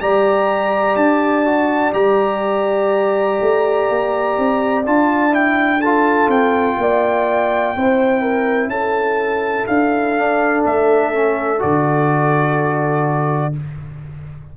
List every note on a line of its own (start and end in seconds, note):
0.00 0.95 G3
0.00 1.45 G4
0.00 5.80 D5
0.00 0.96 A#5
0.95 1.92 D4
0.95 1.93 A5
1.45 1.93 F#4
1.93 3.38 G3
1.93 4.83 G4
1.93 4.83 A#5
3.41 3.89 A3
3.89 4.37 A#3
4.38 4.86 C4
4.85 6.28 D4
4.85 5.30 F4
4.85 5.34 A5
5.30 5.78 E4
5.30 5.81 G5
5.80 7.76 F4
5.80 6.76 A4
5.80 6.29 A5
6.28 6.76 C4
6.28 8.69 G5
6.77 7.74 A#3
6.77 7.77 D5
7.76 8.67 C4
7.76 10.17 E4
7.76 8.21 C5
8.21 8.70 A#4
8.67 9.64 C#4
8.67 13.54 A4
8.67 9.66 A5
9.66 10.65 D4
9.66 10.63 F5
10.17 11.12 D4
10.65 11.62 A3
10.65 11.61 E5
11.12 11.58 C#4
11.58 13.56 D3
11.58 13.52 F#4
11.58 13.54 D5